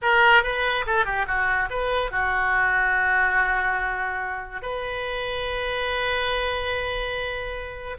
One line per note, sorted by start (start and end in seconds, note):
0.02 0.43 A#4
0.43 0.85 B4
0.86 1.05 A4
1.05 1.26 G4
1.27 1.69 F#4
1.70 2.11 B4
2.11 4.62 F#4
4.62 7.97 B4